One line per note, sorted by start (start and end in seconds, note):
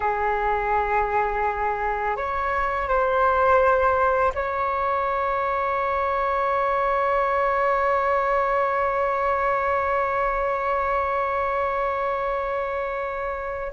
0.00 2.16 G#4
2.16 2.88 C#5
2.88 4.32 C5
4.34 13.73 C#5